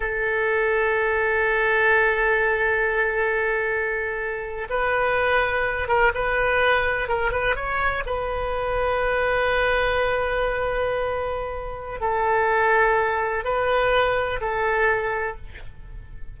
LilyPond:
\new Staff \with { instrumentName = "oboe" } { \time 4/4 \tempo 4 = 125 a'1~ | a'1~ | a'4.~ a'16 b'2~ b'16~ | b'16 ais'8 b'2 ais'8 b'8 cis''16~ |
cis''8. b'2.~ b'16~ | b'1~ | b'4 a'2. | b'2 a'2 | }